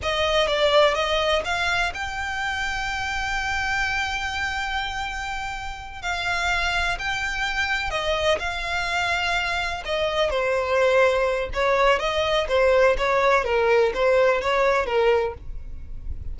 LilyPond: \new Staff \with { instrumentName = "violin" } { \time 4/4 \tempo 4 = 125 dis''4 d''4 dis''4 f''4 | g''1~ | g''1~ | g''8 f''2 g''4.~ |
g''8 dis''4 f''2~ f''8~ | f''8 dis''4 c''2~ c''8 | cis''4 dis''4 c''4 cis''4 | ais'4 c''4 cis''4 ais'4 | }